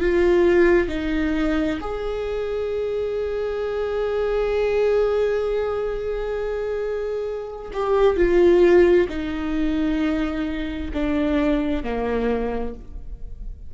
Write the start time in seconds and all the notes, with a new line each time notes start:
0.00 F4
0.88 D#4
1.80 G#4
7.73 G4
8.16 F4
9.09 D#4
10.93 D4
11.83 A#3